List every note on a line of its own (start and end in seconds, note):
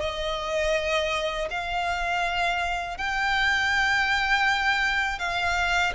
0.00 1.48 D#5
1.50 2.97 F5
2.97 5.19 G5
5.19 5.93 F5